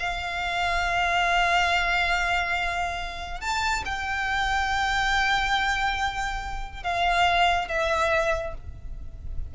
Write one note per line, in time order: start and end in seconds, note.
0.00 3.41 F5
3.41 3.84 A5
3.86 6.83 G5
6.83 7.69 F5
7.69 8.54 E5